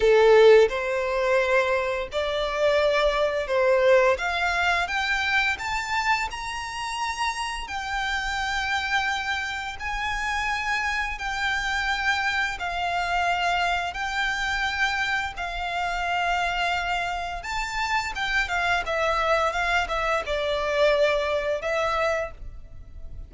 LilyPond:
\new Staff \with { instrumentName = "violin" } { \time 4/4 \tempo 4 = 86 a'4 c''2 d''4~ | d''4 c''4 f''4 g''4 | a''4 ais''2 g''4~ | g''2 gis''2 |
g''2 f''2 | g''2 f''2~ | f''4 a''4 g''8 f''8 e''4 | f''8 e''8 d''2 e''4 | }